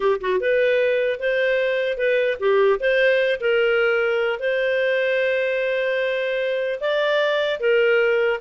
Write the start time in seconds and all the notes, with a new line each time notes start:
0.00 G4
0.21 F#4
0.40 B4
1.19 C5
1.97 B4
2.39 G4
2.80 C5
3.40 A#4
4.39 C5
6.80 D5
7.59 A#4